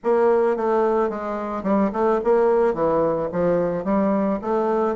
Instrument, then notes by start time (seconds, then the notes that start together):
bassoon
0.03 A#3
0.56 A3
1.09 G#3
1.63 G3
1.92 A3
2.23 A#3
2.74 E3
3.32 F3
3.84 G3
4.41 A3